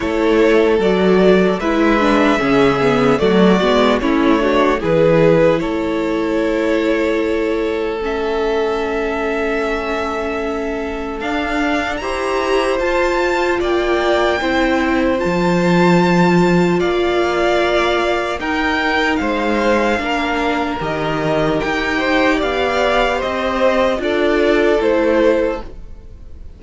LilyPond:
<<
  \new Staff \with { instrumentName = "violin" } { \time 4/4 \tempo 4 = 75 cis''4 d''4 e''2 | d''4 cis''4 b'4 cis''4~ | cis''2 e''2~ | e''2 f''4 ais''4 |
a''4 g''2 a''4~ | a''4 f''2 g''4 | f''2 dis''4 g''4 | f''4 dis''4 d''4 c''4 | }
  \new Staff \with { instrumentName = "violin" } { \time 4/4 a'2 b'4 gis'4 | fis'4 e'8 fis'8 gis'4 a'4~ | a'1~ | a'2. c''4~ |
c''4 d''4 c''2~ | c''4 d''2 ais'4 | c''4 ais'2~ ais'8 c''8 | d''4 c''4 a'2 | }
  \new Staff \with { instrumentName = "viola" } { \time 4/4 e'4 fis'4 e'8 d'8 cis'8 b8 | a8 b8 cis'8 d'8 e'2~ | e'2 cis'2~ | cis'2 d'4 g'4 |
f'2 e'4 f'4~ | f'2. dis'4~ | dis'4 d'4 g'2~ | g'2 f'4 e'4 | }
  \new Staff \with { instrumentName = "cello" } { \time 4/4 a4 fis4 gis4 cis4 | fis8 gis8 a4 e4 a4~ | a1~ | a2 d'4 e'4 |
f'4 ais4 c'4 f4~ | f4 ais2 dis'4 | gis4 ais4 dis4 dis'4 | b4 c'4 d'4 a4 | }
>>